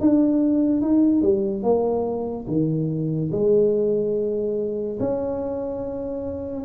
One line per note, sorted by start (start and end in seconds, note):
0.00 0.81 D4
0.81 1.22 D#4
1.22 1.62 G3
1.62 2.46 A#3
2.47 3.30 D#3
3.31 4.98 G#3
5.00 6.65 C#4